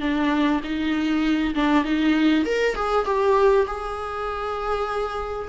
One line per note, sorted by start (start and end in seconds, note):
0.00 0.61 D4
0.63 1.54 D#4
1.55 1.84 D4
1.84 2.45 D#4
2.45 2.75 A#4
2.75 3.05 G#4
3.05 3.66 G4
3.66 5.48 G#4